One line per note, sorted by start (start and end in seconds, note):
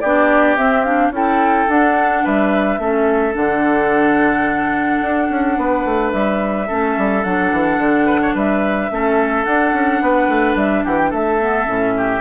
0.00 0.57 B3
0.00 0.58 D4
0.00 1.12 G4
0.00 0.56 D5
0.56 1.10 C4
0.56 0.85 C4
0.56 0.83 E5
0.83 1.12 D4
0.83 1.11 F5
1.10 1.66 C#4
1.10 1.68 E4
1.10 2.24 A4
1.10 1.70 G5
1.69 2.24 D4
1.69 2.79 D4
1.69 2.26 F#5
2.24 2.78 G3
2.24 2.79 B4
2.24 3.35 E5
2.78 3.34 A3
2.78 3.33 C#4
2.78 5.58 A4
3.33 5.01 D3
3.33 6.66 D4
3.33 6.12 F#5
5.01 5.28 D4
5.30 5.57 C#4
5.57 5.85 B3
5.57 6.67 B4
5.85 6.12 A3
6.12 6.69 G3
6.12 7.23 E5
6.67 6.97 A3
6.67 7.23 C#4
6.67 8.06 A4
6.97 7.24 G3
7.24 7.52 F#3
7.24 8.90 D4
7.24 8.35 F#5
7.52 7.77 E3
7.77 8.33 D3
8.06 8.20 B4
8.22 8.34 C#5
8.34 8.90 G3
8.34 8.90 B4
8.34 9.44 E5
8.90 9.45 A3
8.90 9.46 C#4
8.90 10.03 A4
9.44 9.73 D4
9.44 11.41 D4
9.44 10.55 F#5
9.73 10.00 C#4
10.01 10.28 B3
10.01 10.84 B4
10.28 10.55 A3
10.55 10.83 G3
10.55 10.84 E5
10.84 11.13 E3
10.84 11.10 G4
10.84 10.98 F#5
10.98 11.12 G5
11.10 11.67 A3
11.10 11.93 A4
11.10 12.21 E5
11.41 11.66 B3
11.66 12.21 A2
11.66 12.21 C#4
11.97 12.21 G4